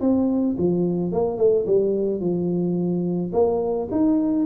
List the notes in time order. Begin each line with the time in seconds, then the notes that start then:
0.00 C4
0.58 F3
1.11 A#3
1.37 A3
1.66 G3
2.20 F3
3.32 A#3
3.91 D#4